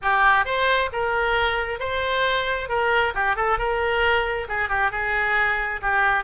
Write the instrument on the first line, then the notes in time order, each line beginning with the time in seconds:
oboe
0.02 G4
0.45 C5
0.92 A#4
1.79 C5
2.68 A#4
3.14 G4
3.36 A4
3.58 A#4
4.48 G#4
4.68 G4
4.91 G#4
5.81 G4